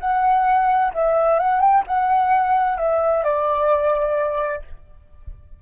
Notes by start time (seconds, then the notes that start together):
0.00 F#5
0.93 E5
1.39 F#5
1.60 G5
1.87 F#5
2.77 E5
3.23 D5